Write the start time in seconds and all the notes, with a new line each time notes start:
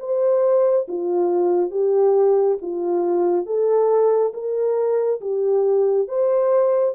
0.00 C5
0.88 F4
1.71 G4
2.62 F4
3.46 A4
4.34 A#4
5.21 G4
6.08 C5